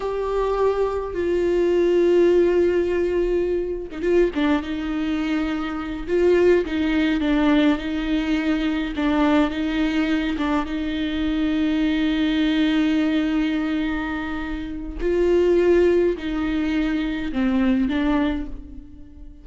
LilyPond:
\new Staff \with { instrumentName = "viola" } { \time 4/4 \tempo 4 = 104 g'2 f'2~ | f'2~ f'8. dis'16 f'8 d'8 | dis'2~ dis'8 f'4 dis'8~ | dis'8 d'4 dis'2 d'8~ |
d'8 dis'4. d'8 dis'4.~ | dis'1~ | dis'2 f'2 | dis'2 c'4 d'4 | }